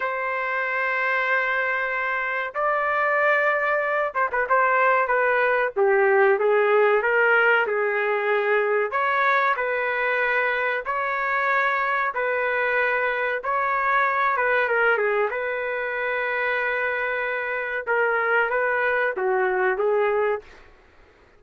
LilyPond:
\new Staff \with { instrumentName = "trumpet" } { \time 4/4 \tempo 4 = 94 c''1 | d''2~ d''8 c''16 b'16 c''4 | b'4 g'4 gis'4 ais'4 | gis'2 cis''4 b'4~ |
b'4 cis''2 b'4~ | b'4 cis''4. b'8 ais'8 gis'8 | b'1 | ais'4 b'4 fis'4 gis'4 | }